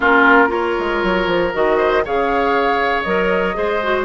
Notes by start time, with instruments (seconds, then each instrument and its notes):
0.00 bassoon A#3, clarinet C#4, oboe F4, flute A#4
0.47 clarinet F4, oboe A#4, flute C#5
0.78 bassoon G#3
1.03 bassoon F#3
1.27 bassoon F3
1.53 bassoon D#3, clarinet F#4, flute D#5
1.77 oboe C5
2.04 bassoon C#3, clarinet G#4, oboe C#5, flute F5
3.02 bassoon F#3, clarinet A#4, flute D#5
3.54 bassoon G#3, clarinet G#4, oboe C5
3.82 clarinet F#4